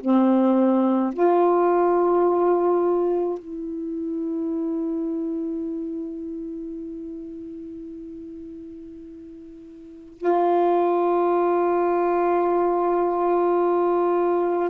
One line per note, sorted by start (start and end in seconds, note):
0.00 1.13 C4
1.13 3.39 F4
3.39 10.17 E4
10.17 14.70 F4